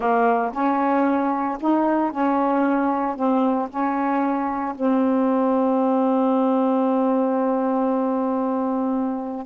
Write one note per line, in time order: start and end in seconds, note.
0.00 0.51 A#3
0.52 1.57 C#4
1.60 2.11 D#4
2.11 3.16 C#4
3.16 3.68 C4
3.69 4.75 C#4
4.75 9.46 C4